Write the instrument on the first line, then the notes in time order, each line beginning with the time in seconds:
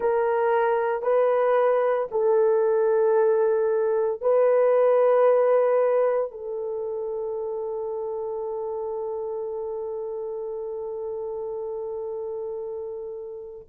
horn
0.00 A#4
1.02 B4
2.11 A4
4.21 B4
6.31 A4